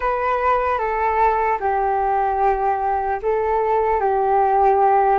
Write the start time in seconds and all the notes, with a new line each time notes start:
0.00 B4
0.78 A4
1.60 G4
3.22 A4
4.00 G4